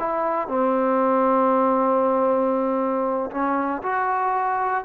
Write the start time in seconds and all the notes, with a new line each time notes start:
0.00 E4
0.48 C4
3.31 C#4
3.83 F#4